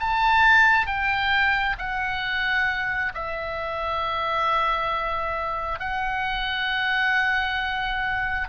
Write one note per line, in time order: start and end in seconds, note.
0.00 0.87 A5
0.87 1.76 G5
1.79 3.13 F#5
3.14 5.79 E5
5.79 8.48 F#5